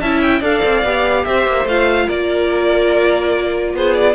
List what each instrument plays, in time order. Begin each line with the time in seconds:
0.00 cello C#4, viola E4, violin E5 A5
0.22 violin G5
0.40 cello D4, viola A4, violin D5 F5
0.64 cello C4
0.84 cello B3, viola G4
1.25 cello C4, violin C5 E5
1.47 cello A#3
1.65 cello A3, viola F4, violin F5
2.07 cello A#3, violin A#4 D5
3.74 cello B3, violin G#4 C5
3.95 violin D5